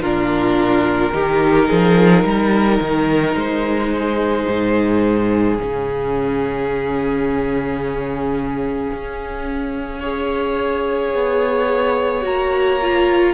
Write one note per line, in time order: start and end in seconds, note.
0.00 1.11 A#2
0.00 1.13 D4
0.00 1.13 F4
0.00 3.35 A#4
1.13 1.69 D#3
1.13 5.57 D#4
1.13 1.68 G4
1.68 2.24 F3
1.68 2.24 G#4
2.24 2.80 G3
2.24 3.92 A#4
2.81 3.35 D#3
3.35 4.46 G#3
3.35 5.58 C5
3.96 10.00 G#4
4.48 5.59 G#2
5.58 8.93 C#3
5.58 10.03 C#4
5.58 12.25 F5
8.93 11.14 C#4
10.00 12.22 G#4
10.00 13.33 C#5
11.14 12.25 B3
12.22 13.34 A#3
12.22 12.78 F#4
12.22 13.34 A#5
12.82 13.34 F4